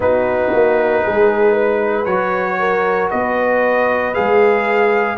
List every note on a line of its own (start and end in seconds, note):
0.00 0.52 B3
0.00 2.06 D#4
0.00 1.03 F#4
0.00 2.05 B4
0.53 1.05 A#3
1.03 2.06 G#3
1.03 1.53 G#4
1.53 2.56 B4
2.05 3.09 F#3
2.05 4.14 F#4
2.05 3.08 C#5
2.59 3.09 A#4
3.09 4.16 B3
3.09 5.16 B4
3.09 4.14 D#5
4.14 5.17 G#3
4.14 5.17 G#4
4.14 5.17 F5